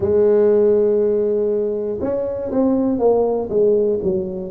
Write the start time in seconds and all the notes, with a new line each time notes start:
0.00 G#3
2.00 C#4
2.50 C4
2.99 A#3
3.49 G#3
4.03 F#3